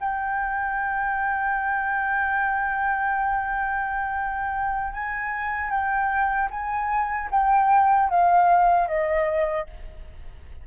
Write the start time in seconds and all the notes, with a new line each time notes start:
0.00 G5
4.93 G#5
5.70 G5
6.51 G#5
7.31 G5
8.10 F5
8.88 D#5